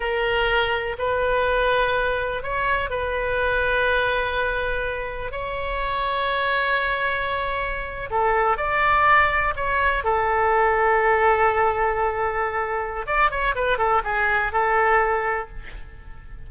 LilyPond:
\new Staff \with { instrumentName = "oboe" } { \time 4/4 \tempo 4 = 124 ais'2 b'2~ | b'4 cis''4 b'2~ | b'2. cis''4~ | cis''1~ |
cis''8. a'4 d''2 cis''16~ | cis''8. a'2.~ a'16~ | a'2. d''8 cis''8 | b'8 a'8 gis'4 a'2 | }